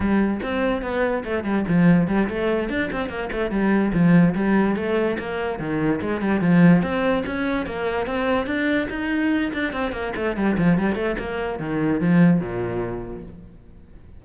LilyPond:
\new Staff \with { instrumentName = "cello" } { \time 4/4 \tempo 4 = 145 g4 c'4 b4 a8 g8 | f4 g8 a4 d'8 c'8 ais8 | a8 g4 f4 g4 a8~ | a8 ais4 dis4 gis8 g8 f8~ |
f8 c'4 cis'4 ais4 c'8~ | c'8 d'4 dis'4. d'8 c'8 | ais8 a8 g8 f8 g8 a8 ais4 | dis4 f4 ais,2 | }